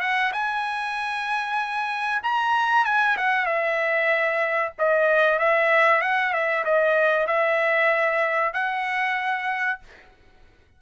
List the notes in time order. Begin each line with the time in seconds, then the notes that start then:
0.00 F#5
0.32 G#5
2.23 A#5
2.85 G#5
3.17 F#5
3.46 E5
4.78 D#5
5.39 E5
6.01 F#5
6.33 E5
6.65 D#5
7.27 E5
8.53 F#5